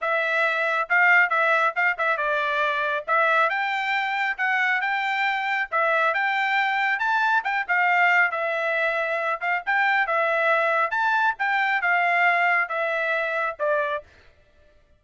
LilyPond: \new Staff \with { instrumentName = "trumpet" } { \time 4/4 \tempo 4 = 137 e''2 f''4 e''4 | f''8 e''8 d''2 e''4 | g''2 fis''4 g''4~ | g''4 e''4 g''2 |
a''4 g''8 f''4. e''4~ | e''4. f''8 g''4 e''4~ | e''4 a''4 g''4 f''4~ | f''4 e''2 d''4 | }